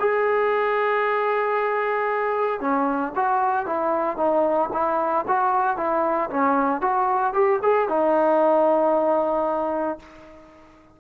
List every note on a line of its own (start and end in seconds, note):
0.00 2.61 G#4
2.61 3.13 C#4
3.16 3.67 F#4
3.67 4.17 E4
4.17 4.70 D#4
4.73 5.26 E4
5.28 5.77 F#4
5.77 6.30 E4
6.31 6.82 C#4
6.82 7.34 F#4
7.34 7.60 G4
7.63 7.89 G#4
7.89 10.00 D#4